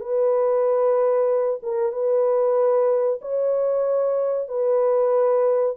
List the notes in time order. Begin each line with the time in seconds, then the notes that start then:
0.00 B4
1.62 A#4
1.92 B4
3.22 C#5
4.48 B4